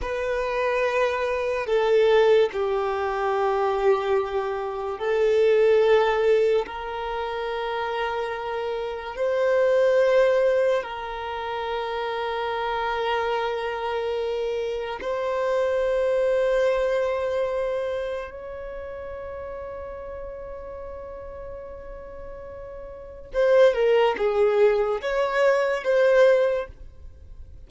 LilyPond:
\new Staff \with { instrumentName = "violin" } { \time 4/4 \tempo 4 = 72 b'2 a'4 g'4~ | g'2 a'2 | ais'2. c''4~ | c''4 ais'2.~ |
ais'2 c''2~ | c''2 cis''2~ | cis''1 | c''8 ais'8 gis'4 cis''4 c''4 | }